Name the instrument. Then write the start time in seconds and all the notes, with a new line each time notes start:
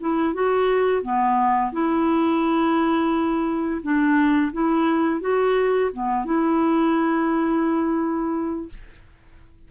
clarinet
0.00 E4
0.34 F#4
1.02 B3
1.72 E4
3.82 D4
4.53 E4
5.21 F#4
5.93 B3
6.25 E4